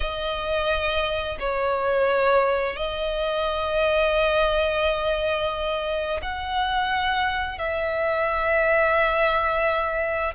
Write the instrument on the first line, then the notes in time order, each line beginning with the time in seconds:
violin
0.00 D#5
1.39 C#5
2.76 D#5
6.22 F#5
7.58 E5